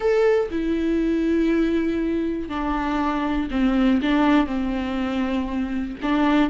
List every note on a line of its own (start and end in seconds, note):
0.00 0.49 A4
0.50 2.49 E4
2.49 3.49 D4
3.50 4.00 C4
4.02 4.46 D4
4.46 5.96 C4
6.02 6.50 D4